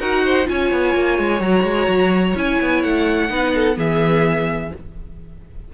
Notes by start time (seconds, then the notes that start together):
0.00 D#4 F#4 A#4 F#5
0.25 C5
0.45 C#4 F4 C#5 G#5
0.72 B3
0.96 A#3
1.19 G#3
1.41 F#3 F#4 A#5
1.64 G#3
1.88 F#3
2.36 C#4 E4 G#5
2.62 B3
2.83 A3 F#5
3.29 B3 D#4 B4
3.55 A4
3.75 E3 B3 G#4 E5